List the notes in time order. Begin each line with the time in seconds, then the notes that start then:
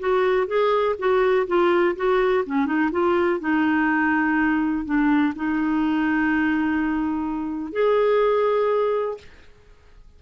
0.00 F#4
0.48 G#4
0.99 F#4
1.47 F4
1.96 F#4
2.46 C#4
2.66 D#4
2.92 F4
3.40 D#4
4.86 D4
5.36 D#4
7.73 G#4